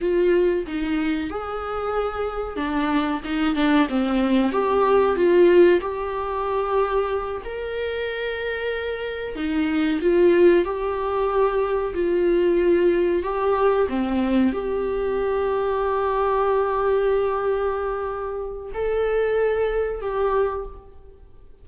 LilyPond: \new Staff \with { instrumentName = "viola" } { \time 4/4 \tempo 4 = 93 f'4 dis'4 gis'2 | d'4 dis'8 d'8 c'4 g'4 | f'4 g'2~ g'8 ais'8~ | ais'2~ ais'8 dis'4 f'8~ |
f'8 g'2 f'4.~ | f'8 g'4 c'4 g'4.~ | g'1~ | g'4 a'2 g'4 | }